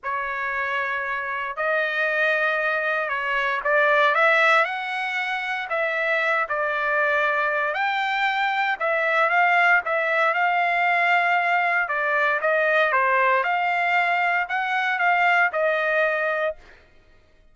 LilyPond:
\new Staff \with { instrumentName = "trumpet" } { \time 4/4 \tempo 4 = 116 cis''2. dis''4~ | dis''2 cis''4 d''4 | e''4 fis''2 e''4~ | e''8 d''2~ d''8 g''4~ |
g''4 e''4 f''4 e''4 | f''2. d''4 | dis''4 c''4 f''2 | fis''4 f''4 dis''2 | }